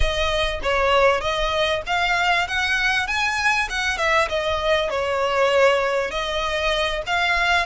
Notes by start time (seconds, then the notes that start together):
0.00 D#5
0.62 C#5
1.20 D#5
1.86 F5
2.47 F#5
3.07 G#5
3.69 F#5
3.97 E5
4.28 D#5
4.90 C#5
6.10 D#5
7.06 F5